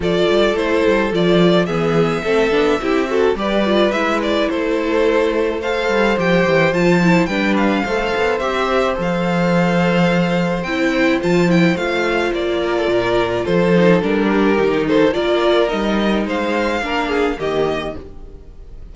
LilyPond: <<
  \new Staff \with { instrumentName = "violin" } { \time 4/4 \tempo 4 = 107 d''4 c''4 d''4 e''4~ | e''2 d''4 e''8 d''8 | c''2 f''4 g''4 | a''4 g''8 f''4. e''4 |
f''2. g''4 | a''8 g''8 f''4 d''2 | c''4 ais'4. c''8 d''4 | dis''4 f''2 dis''4 | }
  \new Staff \with { instrumentName = "violin" } { \time 4/4 a'2. gis'4 | a'4 g'8 a'8 b'2 | a'2 c''2~ | c''4 b'4 c''2~ |
c''1~ | c''2~ c''8 ais'16 a'16 ais'4 | a'4. g'4 a'8 ais'4~ | ais'4 c''4 ais'8 gis'8 g'4 | }
  \new Staff \with { instrumentName = "viola" } { \time 4/4 f'4 e'4 f'4 b4 | c'8 d'8 e'8 fis'8 g'8 f'8 e'4~ | e'2 a'4 g'4 | f'8 e'8 d'4 a'4 g'4 |
a'2. e'4 | f'8 e'8 f'2.~ | f'8 dis'8 d'4 dis'4 f'4 | dis'2 d'4 ais4 | }
  \new Staff \with { instrumentName = "cello" } { \time 4/4 f8 g8 a8 g8 f4 e4 | a8 b8 c'4 g4 gis4 | a2~ a8 g8 f8 e8 | f4 g4 a8 b8 c'4 |
f2. c'4 | f4 a4 ais4 ais,4 | f4 g4 dis4 ais4 | g4 gis4 ais4 dis4 | }
>>